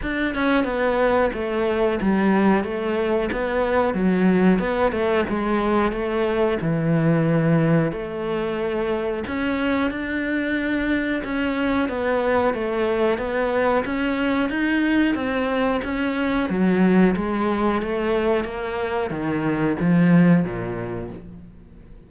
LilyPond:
\new Staff \with { instrumentName = "cello" } { \time 4/4 \tempo 4 = 91 d'8 cis'8 b4 a4 g4 | a4 b4 fis4 b8 a8 | gis4 a4 e2 | a2 cis'4 d'4~ |
d'4 cis'4 b4 a4 | b4 cis'4 dis'4 c'4 | cis'4 fis4 gis4 a4 | ais4 dis4 f4 ais,4 | }